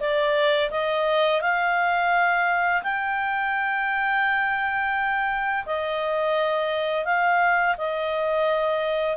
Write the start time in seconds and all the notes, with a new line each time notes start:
0.00 D5
0.71 D#5
1.41 F5
2.83 G5
5.66 D#5
7.05 F5
7.78 D#5